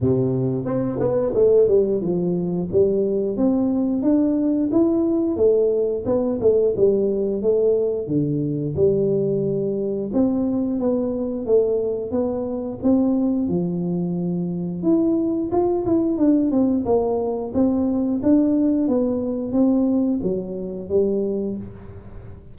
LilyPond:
\new Staff \with { instrumentName = "tuba" } { \time 4/4 \tempo 4 = 89 c4 c'8 b8 a8 g8 f4 | g4 c'4 d'4 e'4 | a4 b8 a8 g4 a4 | d4 g2 c'4 |
b4 a4 b4 c'4 | f2 e'4 f'8 e'8 | d'8 c'8 ais4 c'4 d'4 | b4 c'4 fis4 g4 | }